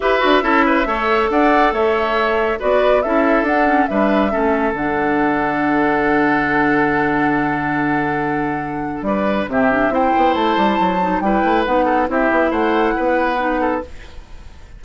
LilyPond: <<
  \new Staff \with { instrumentName = "flute" } { \time 4/4 \tempo 4 = 139 e''2. fis''4 | e''2 d''4 e''4 | fis''4 e''2 fis''4~ | fis''1~ |
fis''1~ | fis''4 d''4 e''4 g''4 | a''2 g''4 fis''4 | e''4 fis''2. | }
  \new Staff \with { instrumentName = "oboe" } { \time 4/4 b'4 a'8 b'8 cis''4 d''4 | cis''2 b'4 a'4~ | a'4 b'4 a'2~ | a'1~ |
a'1~ | a'4 b'4 g'4 c''4~ | c''2 b'4. a'8 | g'4 c''4 b'4. a'8 | }
  \new Staff \with { instrumentName = "clarinet" } { \time 4/4 g'8 fis'8 e'4 a'2~ | a'2 fis'4 e'4 | d'8 cis'8 d'4 cis'4 d'4~ | d'1~ |
d'1~ | d'2 c'8 d'8 e'4~ | e'4. dis'8 e'4 dis'4 | e'2. dis'4 | }
  \new Staff \with { instrumentName = "bassoon" } { \time 4/4 e'8 d'8 cis'4 a4 d'4 | a2 b4 cis'4 | d'4 g4 a4 d4~ | d1~ |
d1~ | d4 g4 c4 c'8 b8 | a8 g8 fis4 g8 a8 b4 | c'8 b8 a4 b2 | }
>>